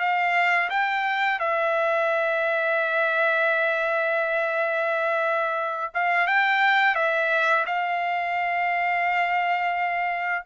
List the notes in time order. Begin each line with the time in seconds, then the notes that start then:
0.00 F5
0.70 G5
1.40 E5
5.95 F5
6.27 G5
6.96 E5
7.66 F5